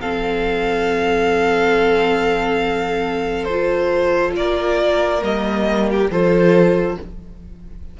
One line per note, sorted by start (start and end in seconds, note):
0.00 4.35 F3
0.00 3.49 C4
0.00 4.36 A4
0.00 3.44 F5
3.44 5.20 F4
3.44 4.31 C5
4.35 5.22 A#3
4.35 6.10 A#4
4.35 5.23 D5
5.20 6.09 G3
5.20 6.07 A#3
5.20 5.89 D#5
5.89 6.11 G4
6.10 6.97 F3
6.10 6.99 F4
6.10 6.97 A4
6.10 6.98 C5